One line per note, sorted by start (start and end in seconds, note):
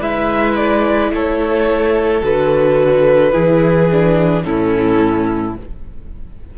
0.00 1.11 G#3
0.00 2.22 E4
0.00 1.11 B4
0.00 0.55 E5
0.55 1.11 D5
1.12 2.23 A3
1.12 3.32 A4
1.12 2.24 C#5
2.22 3.34 D3
2.22 3.32 F#4
2.22 4.43 B4
3.32 4.44 E3
3.32 3.87 E4
3.32 4.43 G#4
3.91 4.43 D4
4.43 5.56 A2
4.43 5.54 C#4
4.43 5.57 E4
4.43 5.54 A4